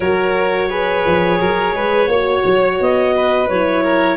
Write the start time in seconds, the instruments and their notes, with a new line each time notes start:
0.00 tuba F#3, horn F#4, violin A#4, clarinet C#5
0.69 horn G#4, violin B4
1.05 tuba F3
1.40 tuba F#3, violin A#4
1.73 tuba G#3, violin B4
2.07 tuba A#3, horn F#4, violin C#5
2.45 tuba F#3
2.80 tuba B3, clarinet D#5
3.16 violin B4
3.48 tuba F#3, horn E4, clarinet C#5
3.83 violin A#4